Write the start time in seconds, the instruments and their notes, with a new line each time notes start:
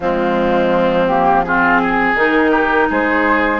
0.00 bassoon F3, clarinet G#3, oboe C4, flute F4
1.07 clarinet A#3, flute G4
1.43 clarinet C4, oboe F4, flute G#4
1.81 oboe G#4
2.14 bassoon D#3, clarinet D#4, flute A#4
2.51 oboe G4
2.90 bassoon G#3, oboe G#4, flute C5